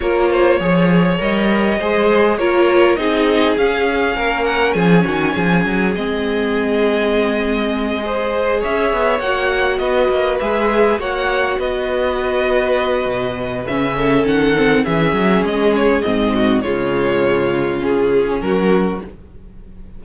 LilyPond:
<<
  \new Staff \with { instrumentName = "violin" } { \time 4/4 \tempo 4 = 101 cis''2 dis''2 | cis''4 dis''4 f''4. fis''8 | gis''2 dis''2~ | dis''2~ dis''8 e''4 fis''8~ |
fis''8 dis''4 e''4 fis''4 dis''8~ | dis''2. e''4 | fis''4 e''4 dis''8 cis''8 dis''4 | cis''2 gis'4 ais'4 | }
  \new Staff \with { instrumentName = "violin" } { \time 4/4 ais'8 c''8 cis''2 c''4 | ais'4 gis'2 ais'4 | gis'8 fis'8 gis'2.~ | gis'4. c''4 cis''4.~ |
cis''8 b'2 cis''4 b'8~ | b'2.~ b'8 a'8~ | a'4 gis'2~ gis'8 fis'8 | f'2. fis'4 | }
  \new Staff \with { instrumentName = "viola" } { \time 4/4 f'4 gis'4 ais'4 gis'4 | f'4 dis'4 cis'2~ | cis'2 c'2~ | c'4. gis'2 fis'8~ |
fis'4. gis'4 fis'4.~ | fis'2. cis'4~ | cis'8 c'8 cis'2 c'4 | gis2 cis'2 | }
  \new Staff \with { instrumentName = "cello" } { \time 4/4 ais4 f4 g4 gis4 | ais4 c'4 cis'4 ais4 | f8 dis8 f8 fis8 gis2~ | gis2~ gis8 cis'8 b8 ais8~ |
ais8 b8 ais8 gis4 ais4 b8~ | b2 b,4 cis4 | dis4 e8 fis8 gis4 gis,4 | cis2. fis4 | }
>>